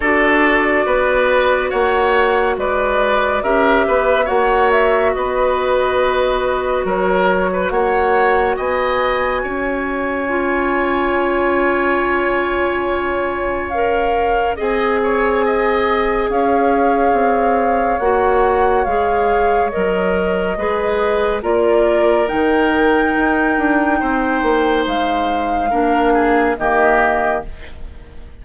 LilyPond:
<<
  \new Staff \with { instrumentName = "flute" } { \time 4/4 \tempo 4 = 70 d''2 fis''4 d''4 | e''4 fis''8 e''8 dis''2 | cis''4 fis''4 gis''2~ | gis''1 |
f''4 gis''2 f''4~ | f''4 fis''4 f''4 dis''4~ | dis''4 d''4 g''2~ | g''4 f''2 dis''4 | }
  \new Staff \with { instrumentName = "oboe" } { \time 4/4 a'4 b'4 cis''4 b'4 | ais'8 b'8 cis''4 b'2 | ais'8. b'16 cis''4 dis''4 cis''4~ | cis''1~ |
cis''4 dis''8 cis''8 dis''4 cis''4~ | cis''1 | b'4 ais'2. | c''2 ais'8 gis'8 g'4 | }
  \new Staff \with { instrumentName = "clarinet" } { \time 4/4 fis'1 | g'4 fis'2.~ | fis'1 | f'1 |
ais'4 gis'2.~ | gis'4 fis'4 gis'4 ais'4 | gis'4 f'4 dis'2~ | dis'2 d'4 ais4 | }
  \new Staff \with { instrumentName = "bassoon" } { \time 4/4 d'4 b4 ais4 gis4 | cis'8 b8 ais4 b2 | fis4 ais4 b4 cis'4~ | cis'1~ |
cis'4 c'2 cis'4 | c'4 ais4 gis4 fis4 | gis4 ais4 dis4 dis'8 d'8 | c'8 ais8 gis4 ais4 dis4 | }
>>